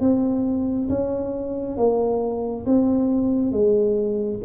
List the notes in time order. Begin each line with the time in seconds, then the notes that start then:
0.00 C4
0.89 C#4
1.77 A#3
2.66 C4
3.51 G#3